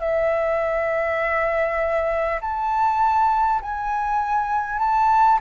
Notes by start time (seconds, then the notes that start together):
0.00 E5
2.41 A5
3.62 G#5
4.79 A5